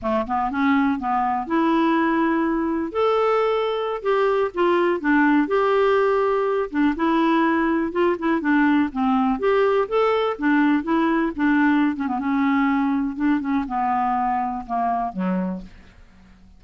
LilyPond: \new Staff \with { instrumentName = "clarinet" } { \time 4/4 \tempo 4 = 123 a8 b8 cis'4 b4 e'4~ | e'2 a'2~ | a'16 g'4 f'4 d'4 g'8.~ | g'4.~ g'16 d'8 e'4.~ e'16~ |
e'16 f'8 e'8 d'4 c'4 g'8.~ | g'16 a'4 d'4 e'4 d'8.~ | d'8 cis'16 b16 cis'2 d'8 cis'8 | b2 ais4 fis4 | }